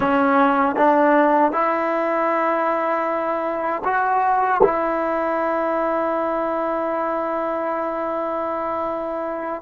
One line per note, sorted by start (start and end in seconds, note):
0.00 0.76 C#4
0.76 1.52 D4
1.52 3.83 E4
3.84 4.61 F#4
4.63 9.62 E4